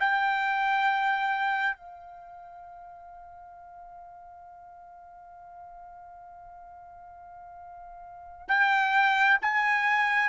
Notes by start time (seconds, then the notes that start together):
0.00 G5
1.77 F5
8.48 G5
9.42 G#5